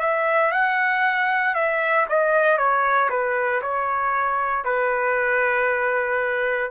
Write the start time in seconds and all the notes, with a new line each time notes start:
0.00 E5
0.51 F#5
1.54 E5
2.09 D#5
2.58 C#5
3.09 B4
3.62 C#5
4.65 B4